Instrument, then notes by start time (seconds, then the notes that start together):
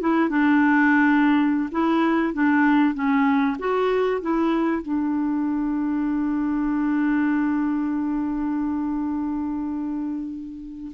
clarinet
0.00 E4
0.29 D4
1.71 E4
2.33 D4
2.94 C#4
3.58 F#4
4.21 E4
4.82 D4